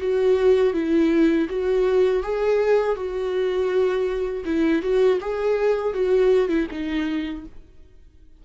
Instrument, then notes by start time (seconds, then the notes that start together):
viola
0.00 F#4
0.73 E4
1.49 F#4
2.23 G#4
2.95 F#4
4.45 E4
4.82 F#4
5.20 G#4
5.93 F#4
6.48 E4
6.71 D#4